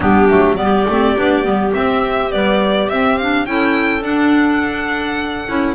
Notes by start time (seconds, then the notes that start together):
0.00 G3 B3 D4 G4
0.28 F#3 A3
0.56 G3 B3 G4 D5
0.88 A3 C4
1.16 B3 D4
1.43 G3 B3
1.73 C4 E5
2.31 G3 B3 D5
2.89 C4 E5
3.17 D4 F5
3.45 C#4 E4 A4 G5
4.01 D4 F#5
5.47 C#4 E4